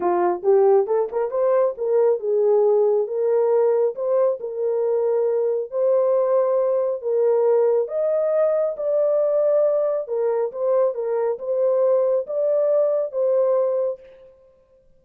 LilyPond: \new Staff \with { instrumentName = "horn" } { \time 4/4 \tempo 4 = 137 f'4 g'4 a'8 ais'8 c''4 | ais'4 gis'2 ais'4~ | ais'4 c''4 ais'2~ | ais'4 c''2. |
ais'2 dis''2 | d''2. ais'4 | c''4 ais'4 c''2 | d''2 c''2 | }